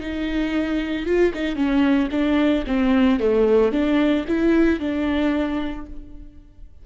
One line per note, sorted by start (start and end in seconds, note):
0.00 1.06 D#4
1.06 1.33 F4
1.34 1.55 D#4
1.55 2.09 C#4
2.11 2.64 D4
2.67 3.20 C4
3.20 3.72 A3
3.72 4.25 D4
4.27 4.80 E4
4.80 5.86 D4